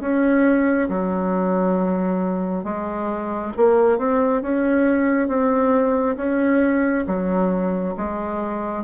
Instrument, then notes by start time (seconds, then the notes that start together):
bassoon
0.00 C#4
0.88 F#3
2.64 G#3
3.57 A#3
3.97 C4
4.42 C#4
5.27 C4
6.16 C#4
7.06 F#3
7.97 G#3